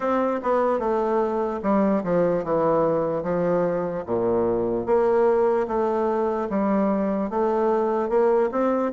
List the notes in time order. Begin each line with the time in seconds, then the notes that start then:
0.00 C4
0.42 B3
0.79 A3
1.62 G3
2.03 F3
2.43 E3
3.22 F3
4.06 A#2
4.85 A#3
5.67 A3
6.49 G3
7.30 A3
8.09 A#3
8.51 C4